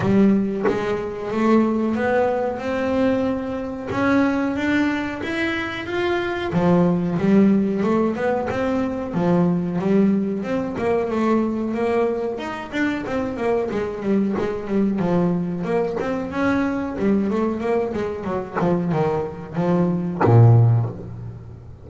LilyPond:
\new Staff \with { instrumentName = "double bass" } { \time 4/4 \tempo 4 = 92 g4 gis4 a4 b4 | c'2 cis'4 d'4 | e'4 f'4 f4 g4 | a8 b8 c'4 f4 g4 |
c'8 ais8 a4 ais4 dis'8 d'8 | c'8 ais8 gis8 g8 gis8 g8 f4 | ais8 c'8 cis'4 g8 a8 ais8 gis8 | fis8 f8 dis4 f4 ais,4 | }